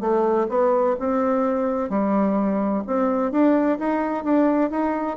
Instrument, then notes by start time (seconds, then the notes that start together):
bassoon
0.00 A3
0.49 B3
0.99 C4
1.89 G3
2.86 C4
3.31 D4
3.78 D#4
4.24 D4
4.70 D#4